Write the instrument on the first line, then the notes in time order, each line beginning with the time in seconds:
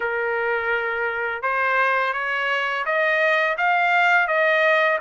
trumpet
0.00 A#4
1.42 C5
2.13 C#5
2.85 D#5
3.57 F5
4.27 D#5